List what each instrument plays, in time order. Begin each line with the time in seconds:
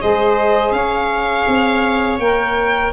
0.00 tuba G#3, saxophone G#4, viola C5, violin D#5
0.72 tuba C#4, viola C#5, violin F5
1.48 tuba C4
2.19 tuba A#3, saxophone A#4, violin G5